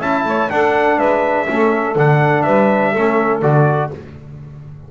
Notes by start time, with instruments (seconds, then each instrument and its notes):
0.00 double bass C#4, trombone E4, saxophone E5, trumpet A5
0.25 double bass A3, saxophone C#5
0.50 trombone D4, double bass D4, saxophone A4, trumpet F#5
0.98 double bass G#3, saxophone B4, trumpet E5
1.47 double bass A3, trombone C#4, saxophone A4
1.96 double bass D3, trombone D4, trumpet F#5
2.43 double bass G3, saxophone B4, trumpet E5
2.92 double bass A3, trombone C#4, saxophone A4
3.42 double bass D3, trombone F#4, trumpet D5